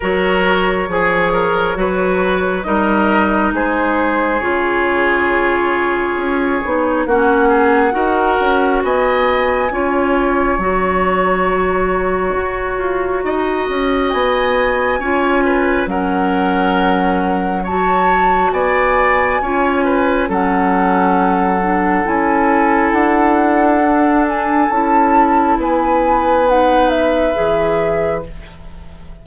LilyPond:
<<
  \new Staff \with { instrumentName = "flute" } { \time 4/4 \tempo 4 = 68 cis''2. dis''4 | c''4 cis''2. | fis''2 gis''2 | ais''1 |
gis''2 fis''2 | a''4 gis''2 fis''4~ | fis''4 gis''4 fis''4. gis''8 | a''4 gis''4 fis''8 e''4. | }
  \new Staff \with { instrumentName = "oboe" } { \time 4/4 ais'4 gis'8 ais'8 b'4 ais'4 | gis'1 | fis'8 gis'8 ais'4 dis''4 cis''4~ | cis''2. dis''4~ |
dis''4 cis''8 b'8 ais'2 | cis''4 d''4 cis''8 b'8 a'4~ | a'1~ | a'4 b'2. | }
  \new Staff \with { instrumentName = "clarinet" } { \time 4/4 fis'4 gis'4 fis'4 dis'4~ | dis'4 f'2~ f'8 dis'8 | cis'4 fis'2 f'4 | fis'1~ |
fis'4 f'4 cis'2 | fis'2 f'4 cis'4~ | cis'8 d'8 e'2 d'4 | e'2 dis'4 gis'4 | }
  \new Staff \with { instrumentName = "bassoon" } { \time 4/4 fis4 f4 fis4 g4 | gis4 cis2 cis'8 b8 | ais4 dis'8 cis'8 b4 cis'4 | fis2 fis'8 f'8 dis'8 cis'8 |
b4 cis'4 fis2~ | fis4 b4 cis'4 fis4~ | fis4 cis'4 d'2 | cis'4 b2 e4 | }
>>